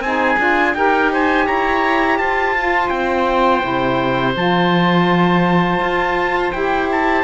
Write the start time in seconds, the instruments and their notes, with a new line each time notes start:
0.00 cello C4, saxophone D#4, oboe G#4, trumpet G#5
0.39 cello D4, saxophone F4
0.74 cello D#4, saxophone G4, oboe A#4, trumpet G5
1.12 oboe C5, trumpet G#5
1.45 cello E4, oboe C#5, trumpet A#5
2.18 cello F4, oboe C5, trumpet A5
2.56 saxophone F4
2.88 cello C4, trumpet G5
3.61 cello C3, saxophone E4
4.35 cello F3, saxophone F4, trumpet A5
5.80 cello F4
6.52 cello E4, saxophone G4, trumpet G5
6.91 trumpet A5